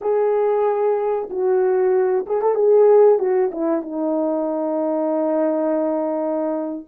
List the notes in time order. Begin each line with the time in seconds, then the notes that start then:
0.01 G#4
1.30 F#4
2.26 G#4
2.41 A4
2.54 G#4
3.18 F#4
3.51 E4
3.82 D#4